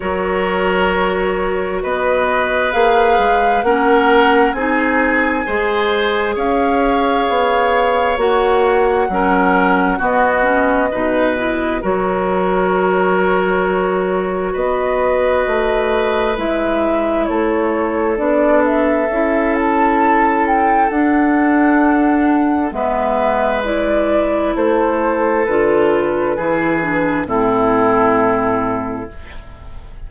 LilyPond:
<<
  \new Staff \with { instrumentName = "flute" } { \time 4/4 \tempo 4 = 66 cis''2 dis''4 f''4 | fis''4 gis''2 f''4~ | f''4 fis''2 dis''4~ | dis''4 cis''2. |
dis''2 e''4 cis''4 | d''8 e''4 a''4 g''8 fis''4~ | fis''4 e''4 d''4 c''4 | b'2 a'2 | }
  \new Staff \with { instrumentName = "oboe" } { \time 4/4 ais'2 b'2 | ais'4 gis'4 c''4 cis''4~ | cis''2 ais'4 fis'4 | b'4 ais'2. |
b'2. a'4~ | a'1~ | a'4 b'2 a'4~ | a'4 gis'4 e'2 | }
  \new Staff \with { instrumentName = "clarinet" } { \time 4/4 fis'2. gis'4 | cis'4 dis'4 gis'2~ | gis'4 fis'4 cis'4 b8 cis'8 | dis'8 e'8 fis'2.~ |
fis'2 e'2 | d'4 e'2 d'4~ | d'4 b4 e'2 | f'4 e'8 d'8 c'2 | }
  \new Staff \with { instrumentName = "bassoon" } { \time 4/4 fis2 b4 ais8 gis8 | ais4 c'4 gis4 cis'4 | b4 ais4 fis4 b4 | b,4 fis2. |
b4 a4 gis4 a4 | b4 cis'2 d'4~ | d'4 gis2 a4 | d4 e4 a,2 | }
>>